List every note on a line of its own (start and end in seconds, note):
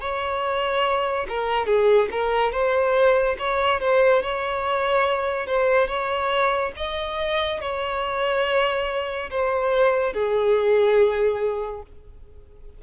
0.00 1.27 C#5
1.28 1.66 A#4
1.66 2.08 G#4
2.11 2.52 A#4
2.52 3.36 C5
3.38 3.80 C#5
3.80 4.22 C5
4.22 5.47 C#5
5.47 5.87 C5
5.87 6.72 C#5
6.76 7.61 D#5
7.61 9.30 C#5
9.30 10.13 C5
10.13 11.82 G#4